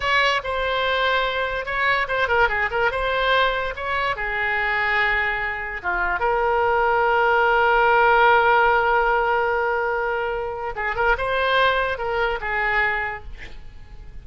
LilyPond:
\new Staff \with { instrumentName = "oboe" } { \time 4/4 \tempo 4 = 145 cis''4 c''2. | cis''4 c''8 ais'8 gis'8 ais'8 c''4~ | c''4 cis''4 gis'2~ | gis'2 f'4 ais'4~ |
ais'1~ | ais'1~ | ais'2 gis'8 ais'8 c''4~ | c''4 ais'4 gis'2 | }